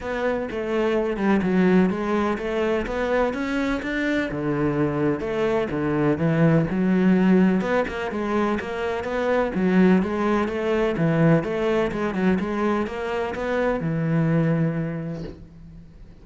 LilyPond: \new Staff \with { instrumentName = "cello" } { \time 4/4 \tempo 4 = 126 b4 a4. g8 fis4 | gis4 a4 b4 cis'4 | d'4 d2 a4 | d4 e4 fis2 |
b8 ais8 gis4 ais4 b4 | fis4 gis4 a4 e4 | a4 gis8 fis8 gis4 ais4 | b4 e2. | }